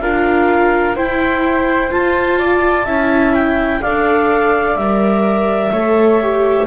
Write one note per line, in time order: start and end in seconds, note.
0.00 0.95 D4
0.00 0.97 F4
0.00 0.95 A#4
0.00 0.96 F5
0.95 1.90 E4
0.95 1.91 E4
0.95 2.38 C5
0.95 1.91 G5
1.91 2.86 F4
1.91 2.85 F4
1.91 3.34 A5
2.38 2.85 D5
2.85 3.81 C#4
2.85 3.82 E4
2.85 3.80 E5
3.34 3.82 G5
3.81 4.76 D4
3.81 4.78 A4
3.81 5.72 D5
3.81 4.76 F5
4.76 5.71 G3
4.76 5.73 A#4
4.76 6.66 E5
5.72 6.66 A3
5.72 6.21 A4
5.72 6.66 C#5
6.21 6.66 G4